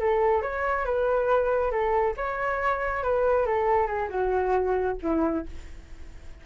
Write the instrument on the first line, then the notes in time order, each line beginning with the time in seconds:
flute
0.00 A4
0.42 C#5
0.86 B4
1.72 A4
2.17 C#5
3.03 B4
3.46 A4
3.87 G#4
4.10 F#4
5.03 E4